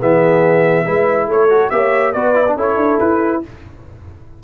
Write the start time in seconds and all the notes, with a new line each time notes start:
0.00 E3 B3 G#4 E5
0.85 G#3 E4 B4
1.28 A3 A4 C#5
1.50 F#4
1.70 A#3 G4 C#5 E5
2.13 B3 F#4 B4 D5
2.35 E4
2.48 D4
2.56 C#4 E4 A4 C#5
2.77 D4
3.00 E4 B4